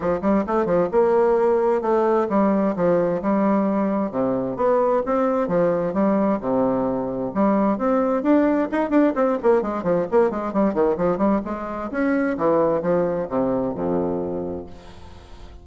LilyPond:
\new Staff \with { instrumentName = "bassoon" } { \time 4/4 \tempo 4 = 131 f8 g8 a8 f8 ais2 | a4 g4 f4 g4~ | g4 c4 b4 c'4 | f4 g4 c2 |
g4 c'4 d'4 dis'8 d'8 | c'8 ais8 gis8 f8 ais8 gis8 g8 dis8 | f8 g8 gis4 cis'4 e4 | f4 c4 f,2 | }